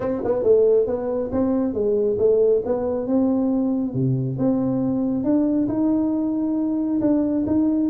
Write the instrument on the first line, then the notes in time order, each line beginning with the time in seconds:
tuba
0.00 C4
0.24 B3
0.43 A3
0.86 B3
1.32 C4
1.73 G#3
2.18 A3
2.65 B3
3.07 C4
3.93 C3
4.38 C4
5.24 D4
5.68 D#4
7.01 D4
7.46 D#4